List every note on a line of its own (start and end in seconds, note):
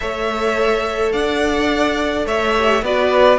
0.00 1.13 A3
0.00 2.55 A4
0.00 1.13 C#5
0.00 1.12 E5
1.12 2.25 D4
1.12 2.26 D5
1.12 2.25 F#5
2.25 2.82 A3
2.25 2.83 C#5
2.25 2.84 E5
2.55 2.83 G4
2.82 3.38 B3
2.82 3.38 F#4
2.82 3.38 B4
2.82 3.38 D5